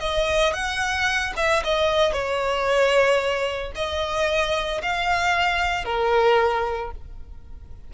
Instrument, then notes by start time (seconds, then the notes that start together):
violin
0.00 D#5
0.53 F#5
1.37 E5
1.64 D#5
2.13 C#5
3.75 D#5
4.82 F5
5.85 A#4